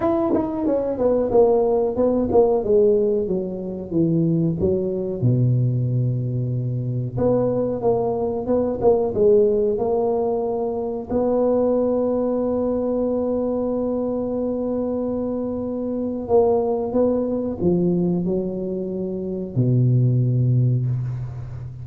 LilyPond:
\new Staff \with { instrumentName = "tuba" } { \time 4/4 \tempo 4 = 92 e'8 dis'8 cis'8 b8 ais4 b8 ais8 | gis4 fis4 e4 fis4 | b,2. b4 | ais4 b8 ais8 gis4 ais4~ |
ais4 b2.~ | b1~ | b4 ais4 b4 f4 | fis2 b,2 | }